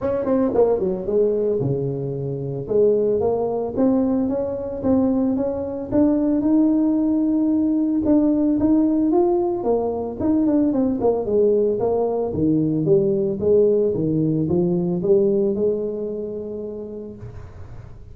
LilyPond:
\new Staff \with { instrumentName = "tuba" } { \time 4/4 \tempo 4 = 112 cis'8 c'8 ais8 fis8 gis4 cis4~ | cis4 gis4 ais4 c'4 | cis'4 c'4 cis'4 d'4 | dis'2. d'4 |
dis'4 f'4 ais4 dis'8 d'8 | c'8 ais8 gis4 ais4 dis4 | g4 gis4 dis4 f4 | g4 gis2. | }